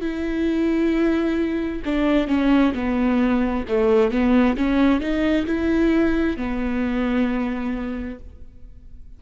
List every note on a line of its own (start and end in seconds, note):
0.00 1.82 E4
1.85 2.27 D4
2.27 2.73 C#4
2.74 3.65 B3
3.68 4.11 A3
4.11 4.56 B3
4.57 5.00 C#4
5.00 5.45 D#4
5.46 6.37 E4
6.37 8.19 B3